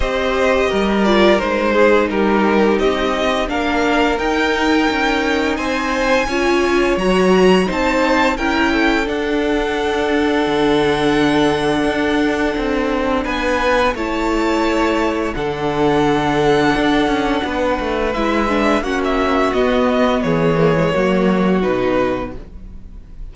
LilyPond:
<<
  \new Staff \with { instrumentName = "violin" } { \time 4/4 \tempo 4 = 86 dis''4. d''8 c''4 ais'4 | dis''4 f''4 g''2 | gis''2 ais''4 a''4 | g''4 fis''2.~ |
fis''2. gis''4 | a''2 fis''2~ | fis''2 e''4 fis''16 e''8. | dis''4 cis''2 b'4 | }
  \new Staff \with { instrumentName = "violin" } { \time 4/4 c''4 ais'4. gis'8 g'4~ | g'4 ais'2. | c''4 cis''2 c''4 | ais'8 a'2.~ a'8~ |
a'2. b'4 | cis''2 a'2~ | a'4 b'2 fis'4~ | fis'4 gis'4 fis'2 | }
  \new Staff \with { instrumentName = "viola" } { \time 4/4 g'4. f'8 dis'2~ | dis'4 d'4 dis'2~ | dis'4 f'4 fis'4 dis'4 | e'4 d'2.~ |
d'1 | e'2 d'2~ | d'2 e'8 d'8 cis'4 | b4. ais16 gis16 ais4 dis'4 | }
  \new Staff \with { instrumentName = "cello" } { \time 4/4 c'4 g4 gis4 g4 | c'4 ais4 dis'4 cis'4 | c'4 cis'4 fis4 c'4 | cis'4 d'2 d4~ |
d4 d'4 c'4 b4 | a2 d2 | d'8 cis'8 b8 a8 gis4 ais4 | b4 e4 fis4 b,4 | }
>>